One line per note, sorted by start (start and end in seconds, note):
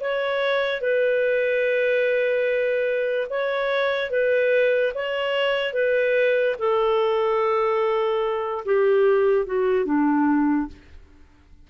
0.00 0.80 C#5
0.80 3.27 B4
3.29 4.10 C#5
4.10 4.92 B4
4.94 5.73 C#5
5.73 6.55 B4
6.59 8.64 A4
8.65 9.46 G4
9.46 9.85 F#4
9.85 10.67 D4